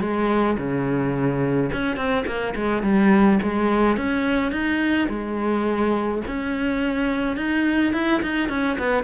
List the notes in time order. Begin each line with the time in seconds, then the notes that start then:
0.00 G#3
0.58 C#3
1.72 C#4
1.96 C4
2.26 A#3
2.55 G#3
2.83 G3
3.42 G#3
3.96 C#4
4.52 D#4
5.09 G#3
6.27 C#4
7.36 D#4
7.93 E4
8.22 D#4
8.49 C#4
8.78 B3